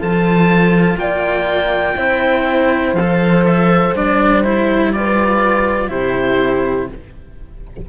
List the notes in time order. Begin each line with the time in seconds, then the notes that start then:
0.00 F3 F4 A4 A5
0.97 A#3 D5 G5
1.97 C4 E4 C5
2.93 F3 F5
3.00 A4
3.45 E5
3.95 G3 D4 D5
4.44 E4 C5
4.93 F4 B4 D5
5.88 C3 E4 G4 C5